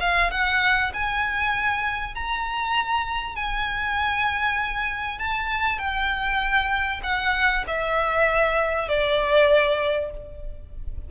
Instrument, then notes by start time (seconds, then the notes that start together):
violin
0.00 F5
0.31 F#5
0.94 G#5
2.15 A#5
3.36 G#5
5.19 A5
5.78 G5
7.03 F#5
7.67 E5
8.88 D5